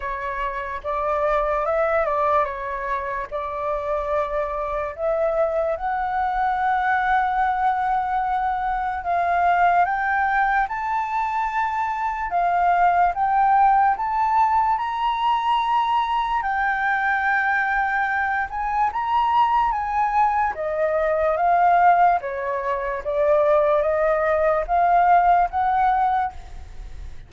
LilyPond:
\new Staff \with { instrumentName = "flute" } { \time 4/4 \tempo 4 = 73 cis''4 d''4 e''8 d''8 cis''4 | d''2 e''4 fis''4~ | fis''2. f''4 | g''4 a''2 f''4 |
g''4 a''4 ais''2 | g''2~ g''8 gis''8 ais''4 | gis''4 dis''4 f''4 cis''4 | d''4 dis''4 f''4 fis''4 | }